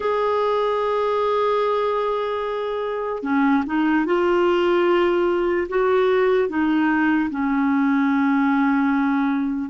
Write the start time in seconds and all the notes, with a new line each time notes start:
0.00 G#4
3.22 C#4
3.66 D#4
4.05 F4
5.68 F#4
6.48 D#4
7.30 C#4